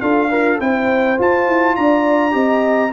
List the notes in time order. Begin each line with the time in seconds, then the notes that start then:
0.00 D4 F4 A4 F5
0.30 F4 A#4
0.59 C4 E4 C5 G5
1.17 F4 A5
1.47 E4
1.75 D4 D5 A#5
2.31 C4 G4 D#5